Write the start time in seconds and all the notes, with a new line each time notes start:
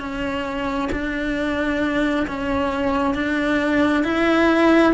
0.00 C#4
0.92 D4
2.28 C#4
3.15 D4
4.05 E4